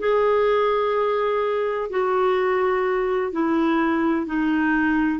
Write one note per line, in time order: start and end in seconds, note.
0.00 1.90 G#4
1.90 3.32 F#4
3.32 4.27 E4
4.27 5.20 D#4